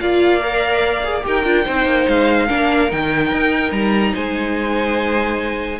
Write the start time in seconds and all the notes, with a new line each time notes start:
0.00 A#3 F4 D5 F5
0.41 A#4
1.04 G#4
1.22 D#4 G4 A#4 G5
1.44 D4 F4
1.65 C4 D#4 C5
1.85 A#3
2.08 G#3 F5
2.46 A#3 D4 A#4
2.91 D#3 D#4 G5
3.32 D#4
3.71 G3 A#5
4.14 G#3 C5 G#5